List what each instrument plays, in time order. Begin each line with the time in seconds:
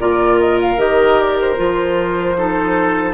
0.00 bassoon A#2, clarinet F4, oboe A#4, flute D5
0.40 flute D#5
0.62 flute F5
0.77 bassoon D#3, clarinet G4, flute D#5
1.19 flute D5
1.41 flute C5
1.56 bassoon F3, clarinet F4
2.37 clarinet D#4, oboe A4